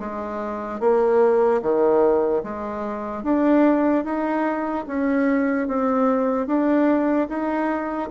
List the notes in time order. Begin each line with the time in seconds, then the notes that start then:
0.00 G#3
0.80 A#3
1.62 D#3
2.43 G#3
3.24 D4
4.05 D#4
4.88 C#4
5.68 C4
6.47 D4
7.29 D#4